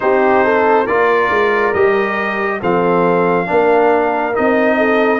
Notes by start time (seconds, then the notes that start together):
0.00 C4 D#4 G4 C5
0.44 A4
0.83 A#3 F4 A#4 D5
1.30 G#3
1.73 G3 G4 D#5
2.60 F3 C4 A4 F5
3.45 A#3 D4 A#4
4.33 C4 D#4 D#5
4.77 A4